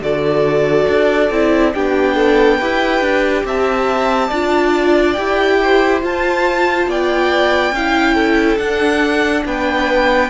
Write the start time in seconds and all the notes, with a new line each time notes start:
0.00 D3 F#4 A4 D5
0.88 D4
1.30 C4 E4
1.73 B3 D4 G4 G5
2.15 A4
2.58 E4 G4 B4
3.00 D4
3.44 C4 E5 A5
4.28 D4 F4 D5
5.13 E4 G4 G5
5.62 C5
6.01 F4 A5
6.86 B3 D5 G5
7.71 C#4 E4 F5
8.14 A4
8.57 D4 F#5
9.45 B3 B4 G5